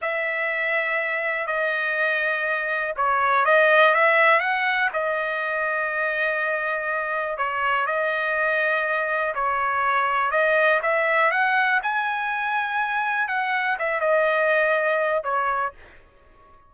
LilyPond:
\new Staff \with { instrumentName = "trumpet" } { \time 4/4 \tempo 4 = 122 e''2. dis''4~ | dis''2 cis''4 dis''4 | e''4 fis''4 dis''2~ | dis''2. cis''4 |
dis''2. cis''4~ | cis''4 dis''4 e''4 fis''4 | gis''2. fis''4 | e''8 dis''2~ dis''8 cis''4 | }